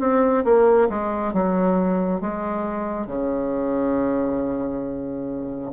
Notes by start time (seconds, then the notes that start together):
0.00 C4
0.45 A#3
0.89 G#3
1.34 F#3
2.21 G#3
3.07 C#3